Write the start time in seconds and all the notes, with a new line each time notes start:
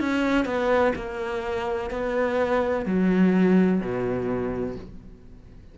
0.00 C#4
0.45 B3
0.96 A#3
1.90 B3
2.86 F#3
3.81 B2